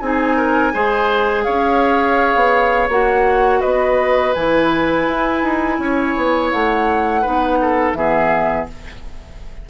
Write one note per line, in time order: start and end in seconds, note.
0.00 0.73 C4
0.00 0.73 D#4
0.00 0.37 G#4
0.00 1.44 G#5
0.37 0.73 A#4
0.73 1.47 G#3
0.73 2.90 G#4
0.73 1.45 C5
1.44 2.35 C#4
1.44 3.60 C#5
1.44 2.89 F5
2.35 2.89 B3
2.89 3.61 A#3
2.89 4.35 F#4
2.89 3.61 F#5
3.60 4.36 B3
3.60 5.77 B4
3.60 4.33 D#5
4.34 5.07 E3
4.34 7.24 E4
4.34 6.51 G#5
5.07 5.43 E4
5.43 5.79 D#4
5.79 6.15 C#4
5.79 7.22 C#5
6.17 6.53 B3
6.52 7.25 A3
6.52 7.94 F#5
7.22 7.93 B3
7.22 7.96 D#4
7.22 7.58 B4
7.62 7.97 A4
7.93 8.66 E3
7.93 8.68 B3
7.93 8.70 G#4
7.93 8.66 E5